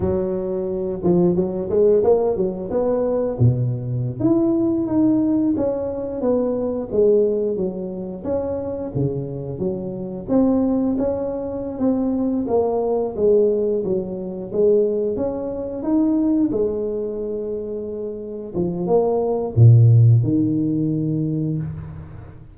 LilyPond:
\new Staff \with { instrumentName = "tuba" } { \time 4/4 \tempo 4 = 89 fis4. f8 fis8 gis8 ais8 fis8 | b4 b,4~ b,16 e'4 dis'8.~ | dis'16 cis'4 b4 gis4 fis8.~ | fis16 cis'4 cis4 fis4 c'8.~ |
c'16 cis'4~ cis'16 c'4 ais4 gis8~ | gis8 fis4 gis4 cis'4 dis'8~ | dis'8 gis2. f8 | ais4 ais,4 dis2 | }